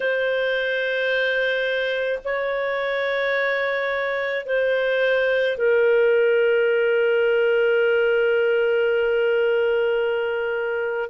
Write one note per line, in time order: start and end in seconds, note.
0.00 2.19 C5
2.24 4.45 C#5
4.45 5.56 C5
5.57 11.09 A#4